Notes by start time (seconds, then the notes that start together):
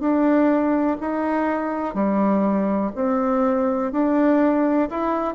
0.00 D4
1.01 D#4
1.95 G3
2.95 C4
3.92 D4
4.90 E4